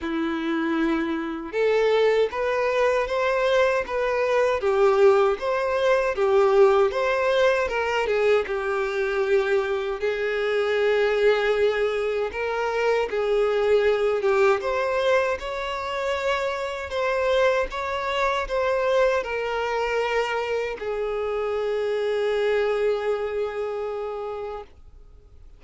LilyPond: \new Staff \with { instrumentName = "violin" } { \time 4/4 \tempo 4 = 78 e'2 a'4 b'4 | c''4 b'4 g'4 c''4 | g'4 c''4 ais'8 gis'8 g'4~ | g'4 gis'2. |
ais'4 gis'4. g'8 c''4 | cis''2 c''4 cis''4 | c''4 ais'2 gis'4~ | gis'1 | }